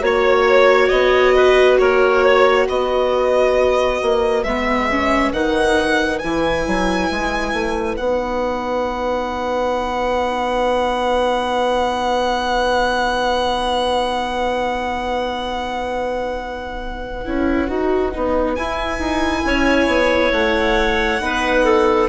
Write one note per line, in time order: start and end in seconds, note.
0.00 0.90 A#3
0.00 4.41 F#4
0.00 1.36 C#5
0.06 0.89 C#5
0.89 1.80 B3
0.89 1.77 D#5
1.36 1.80 B4
1.79 2.69 A#3
1.79 2.25 A#4
1.79 2.67 C#5
2.25 2.66 C#5
2.66 4.02 B3
2.66 19.43 B4
2.66 4.44 D#5
4.03 4.45 A#3
4.44 5.33 G#3
4.44 4.92 B3
4.44 5.32 E5
4.92 5.34 C#4
5.33 6.21 D#3
5.33 6.22 D#4
5.33 6.19 F#5
6.19 6.67 E3
6.19 8.00 E4
6.19 7.96 G#5
6.67 7.11 F#3
7.11 7.53 G#3
7.53 7.97 A3
7.97 17.25 B3
7.97 17.26 D#4
7.97 18.56 F#5
17.26 17.69 C#4
17.26 17.68 E4
17.68 18.13 D#4
17.68 18.12 F#4
18.12 18.58 B3
18.12 18.56 D#4
18.56 21.21 E4
18.56 18.99 E4
18.56 20.32 G#5
18.99 19.44 D#4
19.45 19.87 C#4
19.45 21.23 C#5
19.87 20.31 B3
20.33 21.21 A3
20.33 22.09 F#5
21.21 22.09 B3
21.21 22.09 D#4
21.21 21.65 B4
21.65 22.09 A4